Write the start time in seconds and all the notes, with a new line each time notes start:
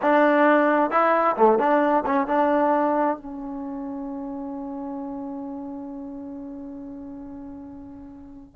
0.02 D4
0.90 E4
1.36 A3
1.58 D4
2.06 C#4
2.27 D4
3.17 C#4